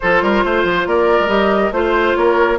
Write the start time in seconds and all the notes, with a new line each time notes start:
0.00 F3 F4 A4 C5
0.22 G3 A#4
0.44 A3 C5
0.63 F3
0.86 A#3 A#4 D5
1.20 G#3
1.27 G3 G4 D#5
1.71 A3 F4 C5
2.15 A#3 A#4 C#5